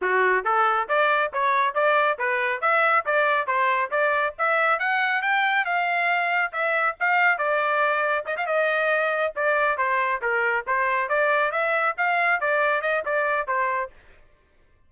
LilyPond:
\new Staff \with { instrumentName = "trumpet" } { \time 4/4 \tempo 4 = 138 fis'4 a'4 d''4 cis''4 | d''4 b'4 e''4 d''4 | c''4 d''4 e''4 fis''4 | g''4 f''2 e''4 |
f''4 d''2 dis''16 f''16 dis''8~ | dis''4. d''4 c''4 ais'8~ | ais'8 c''4 d''4 e''4 f''8~ | f''8 d''4 dis''8 d''4 c''4 | }